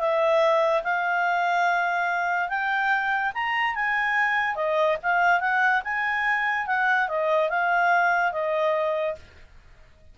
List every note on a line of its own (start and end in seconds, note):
0.00 0.83 E5
0.84 2.49 F5
2.49 3.33 G5
3.34 3.75 A#5
3.75 4.56 G#5
4.56 4.97 D#5
5.03 5.40 F5
5.40 5.82 F#5
5.85 6.67 G#5
6.67 7.09 F#5
7.09 7.50 D#5
7.50 8.32 F5
8.32 9.16 D#5